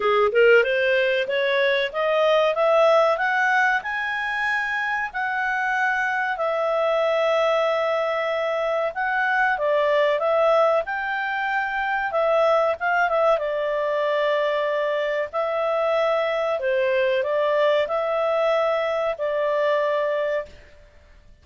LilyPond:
\new Staff \with { instrumentName = "clarinet" } { \time 4/4 \tempo 4 = 94 gis'8 ais'8 c''4 cis''4 dis''4 | e''4 fis''4 gis''2 | fis''2 e''2~ | e''2 fis''4 d''4 |
e''4 g''2 e''4 | f''8 e''8 d''2. | e''2 c''4 d''4 | e''2 d''2 | }